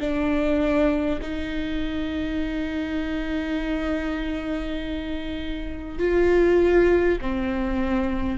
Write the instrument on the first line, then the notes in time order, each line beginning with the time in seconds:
viola
0.00 D4
1.22 D#4
5.98 F4
7.21 C4